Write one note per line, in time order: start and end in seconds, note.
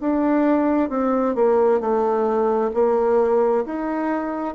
0.00 0.89 D4
0.89 1.35 C4
1.35 1.80 A#3
1.80 2.71 A3
2.74 3.64 A#3
3.65 4.55 D#4